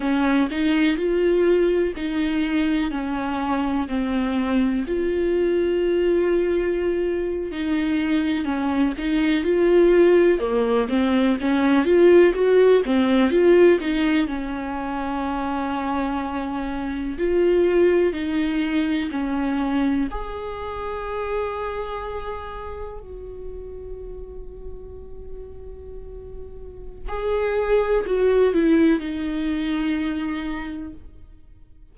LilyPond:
\new Staff \with { instrumentName = "viola" } { \time 4/4 \tempo 4 = 62 cis'8 dis'8 f'4 dis'4 cis'4 | c'4 f'2~ f'8. dis'16~ | dis'8. cis'8 dis'8 f'4 ais8 c'8 cis'16~ | cis'16 f'8 fis'8 c'8 f'8 dis'8 cis'4~ cis'16~ |
cis'4.~ cis'16 f'4 dis'4 cis'16~ | cis'8. gis'2. fis'16~ | fis'1 | gis'4 fis'8 e'8 dis'2 | }